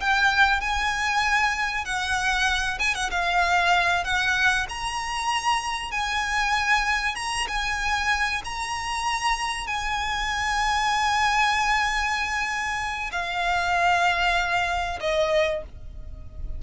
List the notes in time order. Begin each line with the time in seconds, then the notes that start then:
0.00 G5
0.61 G#5
1.85 F#5
2.79 G#5
2.95 F#5
3.11 F5
4.04 F#5
4.69 A#5
5.91 G#5
7.16 A#5
7.48 G#5
8.44 A#5
9.67 G#5
13.12 F5
15.00 D#5